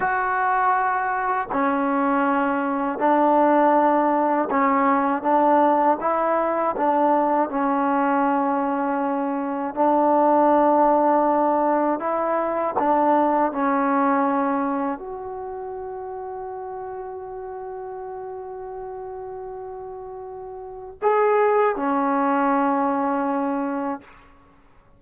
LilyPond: \new Staff \with { instrumentName = "trombone" } { \time 4/4 \tempo 4 = 80 fis'2 cis'2 | d'2 cis'4 d'4 | e'4 d'4 cis'2~ | cis'4 d'2. |
e'4 d'4 cis'2 | fis'1~ | fis'1 | gis'4 cis'2. | }